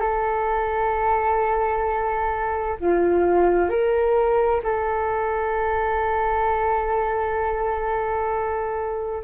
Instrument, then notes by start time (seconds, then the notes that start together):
flute
0.00 A4
2.80 F4
3.69 A#4
4.63 A4